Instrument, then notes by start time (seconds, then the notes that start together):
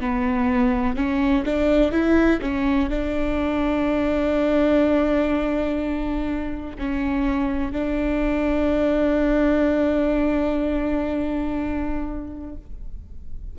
viola
0.00 B3
0.96 C#4
1.45 D4
1.92 E4
2.41 C#4
2.89 D4
6.79 C#4
7.72 D4